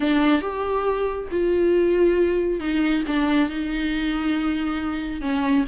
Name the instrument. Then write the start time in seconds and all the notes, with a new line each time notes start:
viola
0.00 D4
0.41 G4
1.31 F4
2.60 D#4
3.07 D4
3.49 D#4
5.21 C#4